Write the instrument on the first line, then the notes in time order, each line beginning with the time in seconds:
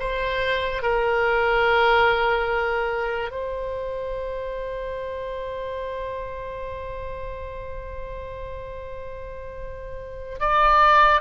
oboe
0.00 C5
0.83 A#4
3.31 C5
10.40 D5